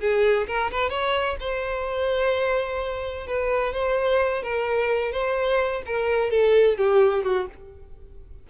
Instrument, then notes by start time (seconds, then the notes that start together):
violin
0.00 G#4
0.47 A#4
0.71 B4
0.89 C#5
1.40 C5
3.26 B4
3.73 C5
4.43 A#4
5.12 C5
5.86 A#4
6.30 A4
6.78 G4
7.23 F#4